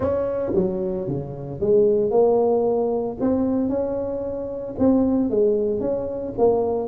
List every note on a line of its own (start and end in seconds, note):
0.00 0.52 C#4
0.54 1.07 F#3
1.07 1.60 C#3
1.60 2.10 G#3
2.10 3.17 A#3
3.20 3.69 C4
3.69 4.75 C#4
4.78 5.30 C4
5.30 5.80 G#3
5.80 6.33 C#4
6.38 6.88 A#3